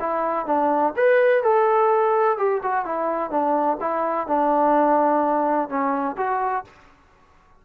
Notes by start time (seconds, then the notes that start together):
0.00 E4
0.46 D4
0.97 B4
1.43 A4
2.38 G4
2.63 F#4
2.86 E4
3.31 D4
3.81 E4
4.28 D4
5.69 C#4
6.17 F#4